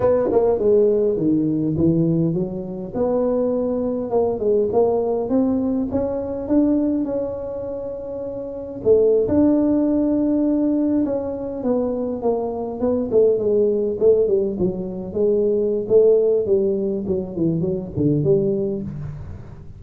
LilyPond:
\new Staff \with { instrumentName = "tuba" } { \time 4/4 \tempo 4 = 102 b8 ais8 gis4 dis4 e4 | fis4 b2 ais8 gis8 | ais4 c'4 cis'4 d'4 | cis'2. a8. d'16~ |
d'2~ d'8. cis'4 b16~ | b8. ais4 b8 a8 gis4 a16~ | a16 g8 fis4 gis4~ gis16 a4 | g4 fis8 e8 fis8 d8 g4 | }